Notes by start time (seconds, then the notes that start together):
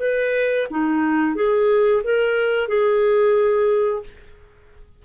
0.00 B4
0.71 D#4
1.36 G#4
2.04 A#4
2.68 G#4